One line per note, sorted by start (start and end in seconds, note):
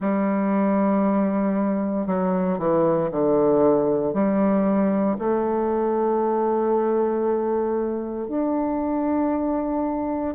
0.00 2.06 G3
2.06 2.58 F#3
2.58 3.10 E3
3.11 4.13 D3
4.13 5.17 G3
5.18 8.28 A3
8.28 10.34 D4